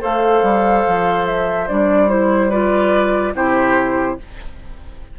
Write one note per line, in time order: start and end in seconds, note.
0.00 0.42 A3
0.00 1.67 A4
0.00 2.49 C5
0.00 1.26 F5
0.42 0.84 G3
0.88 1.70 F3
1.26 1.68 E5
1.68 3.34 G3
1.68 2.08 D4
1.68 2.09 D5
2.08 2.50 E4
2.08 2.51 C5
2.49 3.34 F4
2.49 3.33 B4
2.49 3.34 D5
3.34 4.17 C3
3.34 4.18 E4
3.34 4.19 G4
3.34 4.19 C5